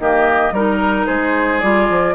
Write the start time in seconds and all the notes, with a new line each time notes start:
0.00 D#3 A#3 G4 D#5
0.52 G3 D#4 A#4
1.07 G#3 G#4 C5
1.61 G3 F4 D5
1.90 F3